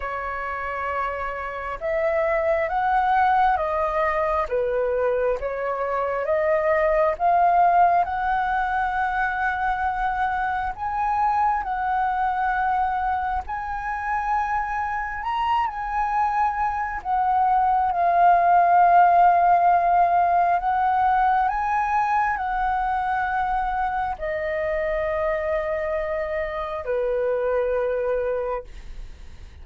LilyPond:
\new Staff \with { instrumentName = "flute" } { \time 4/4 \tempo 4 = 67 cis''2 e''4 fis''4 | dis''4 b'4 cis''4 dis''4 | f''4 fis''2. | gis''4 fis''2 gis''4~ |
gis''4 ais''8 gis''4. fis''4 | f''2. fis''4 | gis''4 fis''2 dis''4~ | dis''2 b'2 | }